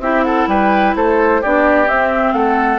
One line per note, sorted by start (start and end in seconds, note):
0.00 0.47 C4
0.00 1.43 E4
0.00 0.25 G4
0.00 0.24 E5
0.24 0.49 A4
0.24 0.48 F#5
0.48 0.95 G3
0.48 0.96 B4
0.48 0.96 G5
0.96 1.43 A3
0.96 1.42 A4
0.96 1.43 C5
1.42 1.89 B3
1.42 1.86 D4
1.42 2.34 G4
1.42 1.89 D5
1.86 2.79 C4
1.86 2.33 C4
1.86 2.34 E5
2.33 2.79 A3
2.33 2.79 A4
2.33 2.79 F#5